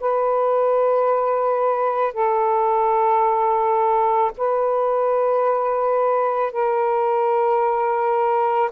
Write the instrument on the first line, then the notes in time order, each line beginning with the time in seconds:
saxophone
0.00 B4
2.13 A4
4.37 B4
6.52 A#4